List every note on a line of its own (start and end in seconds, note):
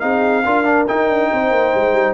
0.00 0.46 C4
0.00 0.44 D#4
0.00 0.45 G#4
0.00 0.86 F5
0.46 0.89 D4
0.46 0.65 F4
0.46 1.32 A#4
0.65 0.86 D4
0.88 2.14 D#4
0.88 1.09 D#4
0.88 2.14 G5
1.09 1.30 D4
1.32 1.51 C4
1.32 2.14 C5
1.51 1.73 A#3
1.75 1.93 G#3
1.93 2.14 G3